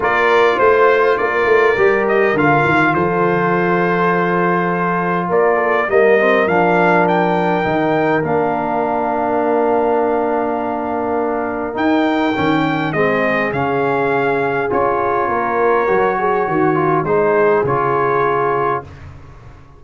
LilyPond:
<<
  \new Staff \with { instrumentName = "trumpet" } { \time 4/4 \tempo 4 = 102 d''4 c''4 d''4. dis''8 | f''4 c''2.~ | c''4 d''4 dis''4 f''4 | g''2 f''2~ |
f''1 | g''2 dis''4 f''4~ | f''4 cis''2.~ | cis''4 c''4 cis''2 | }
  \new Staff \with { instrumentName = "horn" } { \time 4/4 ais'4 c''4 ais'2~ | ais'4 a'2.~ | a'4 ais'8 a'8 ais'2~ | ais'1~ |
ais'1~ | ais'2 gis'2~ | gis'2 ais'4. gis'8 | fis'4 gis'2. | }
  \new Staff \with { instrumentName = "trombone" } { \time 4/4 f'2. g'4 | f'1~ | f'2 ais8 c'8 d'4~ | d'4 dis'4 d'2~ |
d'1 | dis'4 cis'4 c'4 cis'4~ | cis'4 f'2 fis'4~ | fis'8 f'8 dis'4 f'2 | }
  \new Staff \with { instrumentName = "tuba" } { \time 4/4 ais4 a4 ais8 a8 g4 | d8 dis8 f2.~ | f4 ais4 g4 f4~ | f4 dis4 ais2~ |
ais1 | dis'4 dis4 gis4 cis4~ | cis4 cis'4 ais4 fis4 | dis4 gis4 cis2 | }
>>